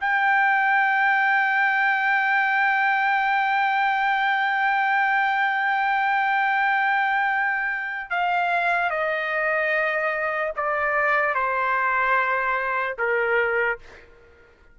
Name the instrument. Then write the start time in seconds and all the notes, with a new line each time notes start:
trumpet
0.00 G5
8.10 F5
8.90 D#5
10.56 D5
11.34 C5
12.98 A#4